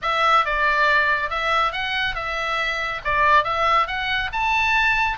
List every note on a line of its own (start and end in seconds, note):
0.01 0.45 E5
0.45 1.29 D5
1.29 1.72 E5
1.72 2.15 F#5
2.15 3.01 E5
3.04 3.44 D5
3.44 3.87 E5
3.87 4.30 F#5
4.32 5.18 A5